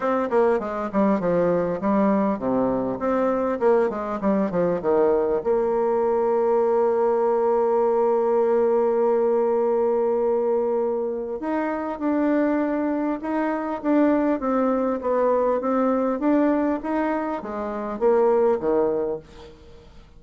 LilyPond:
\new Staff \with { instrumentName = "bassoon" } { \time 4/4 \tempo 4 = 100 c'8 ais8 gis8 g8 f4 g4 | c4 c'4 ais8 gis8 g8 f8 | dis4 ais2.~ | ais1~ |
ais2. dis'4 | d'2 dis'4 d'4 | c'4 b4 c'4 d'4 | dis'4 gis4 ais4 dis4 | }